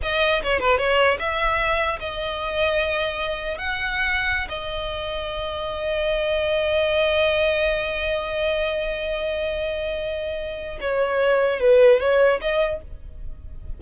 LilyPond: \new Staff \with { instrumentName = "violin" } { \time 4/4 \tempo 4 = 150 dis''4 cis''8 b'8 cis''4 e''4~ | e''4 dis''2.~ | dis''4 fis''2~ fis''16 dis''8.~ | dis''1~ |
dis''1~ | dis''1~ | dis''2. cis''4~ | cis''4 b'4 cis''4 dis''4 | }